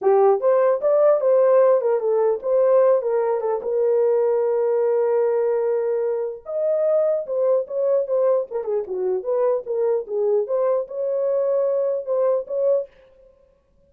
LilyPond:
\new Staff \with { instrumentName = "horn" } { \time 4/4 \tempo 4 = 149 g'4 c''4 d''4 c''4~ | c''8 ais'8 a'4 c''4. ais'8~ | ais'8 a'8 ais'2.~ | ais'1 |
dis''2 c''4 cis''4 | c''4 ais'8 gis'8 fis'4 b'4 | ais'4 gis'4 c''4 cis''4~ | cis''2 c''4 cis''4 | }